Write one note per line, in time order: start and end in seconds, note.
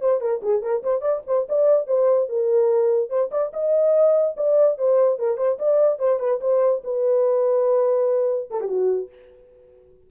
0.00 0.21 C5
0.21 0.41 A#4
0.42 0.62 G#4
0.62 0.83 A#4
0.83 1.01 C5
1.01 1.22 D5
1.27 1.47 C5
1.49 1.87 D5
1.87 2.29 C5
2.29 3.09 A#4
3.09 3.30 C5
3.31 3.52 D5
3.53 4.36 D#5
4.37 4.78 D5
4.78 5.18 C5
5.18 5.37 A#4
5.37 5.58 C5
5.59 5.99 D5
5.99 6.19 C5
6.19 6.40 B4
6.41 6.82 C5
6.84 8.49 B4
8.50 8.61 A4
8.61 8.68 G4
8.68 9.09 F#4